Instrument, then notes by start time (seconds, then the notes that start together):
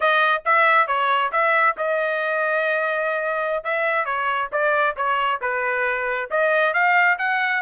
trumpet
0.00 D#5
0.45 E5
0.87 C#5
1.32 E5
1.77 D#5
3.63 E5
4.05 C#5
4.52 D5
4.96 C#5
5.41 B4
6.30 D#5
6.73 F5
7.18 F#5